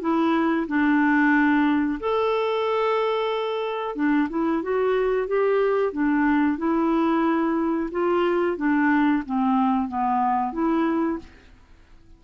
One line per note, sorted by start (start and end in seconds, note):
0.00 0.66 E4
0.67 1.99 D4
2.00 3.95 A4
3.95 4.28 D4
4.29 4.62 E4
4.62 5.27 F#4
5.27 5.92 G4
5.92 6.58 D4
6.58 7.89 E4
7.91 8.57 F4
8.57 9.22 D4
9.25 9.88 C4
9.88 10.52 B3
10.52 11.18 E4